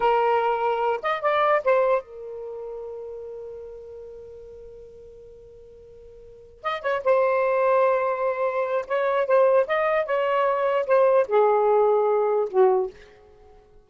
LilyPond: \new Staff \with { instrumentName = "saxophone" } { \time 4/4 \tempo 4 = 149 ais'2~ ais'8 dis''8 d''4 | c''4 ais'2.~ | ais'1~ | ais'1~ |
ais'8 dis''8 cis''8 c''2~ c''8~ | c''2 cis''4 c''4 | dis''4 cis''2 c''4 | gis'2. fis'4 | }